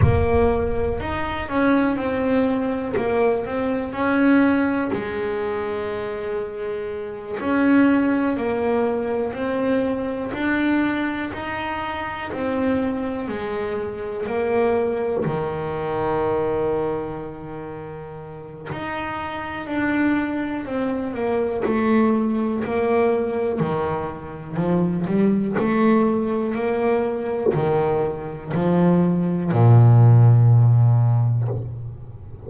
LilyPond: \new Staff \with { instrumentName = "double bass" } { \time 4/4 \tempo 4 = 61 ais4 dis'8 cis'8 c'4 ais8 c'8 | cis'4 gis2~ gis8 cis'8~ | cis'8 ais4 c'4 d'4 dis'8~ | dis'8 c'4 gis4 ais4 dis8~ |
dis2. dis'4 | d'4 c'8 ais8 a4 ais4 | dis4 f8 g8 a4 ais4 | dis4 f4 ais,2 | }